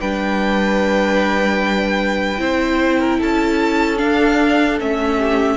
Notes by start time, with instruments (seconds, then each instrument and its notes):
0.00 cello G3, viola D4, violin B4 G5
2.38 cello C4, viola E4, violin C5
3.00 violin A#4
3.18 cello C#4, violin A4 A5
3.97 viola D4, cello D4, violin F5
4.79 cello A3, viola C#4, violin E5
5.17 violin G4